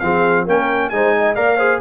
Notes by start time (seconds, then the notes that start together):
0.00 F3 C4 G#4 F5
0.45 A#3 C#4 A#4 G5
0.90 G#3 D#4 C5 G#5
1.19 D#5
1.36 A#3 A#4 D5 F5
1.57 G#4 C5